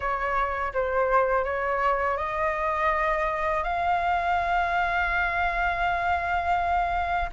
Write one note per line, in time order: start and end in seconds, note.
0.00 0.73 C#5
0.73 1.44 C5
1.44 2.17 C#5
2.17 3.63 D#5
3.63 7.29 F5